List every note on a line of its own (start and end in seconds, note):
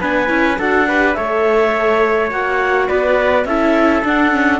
0.00 0.29 B3
0.00 0.27 D4
0.00 0.58 B4
0.00 0.59 G#5
0.27 0.58 C#4
0.27 0.56 E4
0.58 1.16 D4
0.58 0.87 F#4
0.58 0.87 A4
0.58 1.13 F#5
0.87 1.16 G4
0.87 1.16 B4
1.13 2.31 A3
1.13 2.30 A4
1.13 2.88 C#5
1.13 2.28 E5
2.30 2.89 A#3
2.30 3.46 F#4
2.30 2.88 F#5
2.88 3.45 B3
2.88 3.46 B4
2.88 3.45 D5
3.45 4.02 C#4
3.45 4.04 E4
3.45 4.60 A4
3.45 4.02 E5
4.04 4.31 D4
4.04 4.60 D4
4.04 4.60 F#5
4.31 4.60 C#4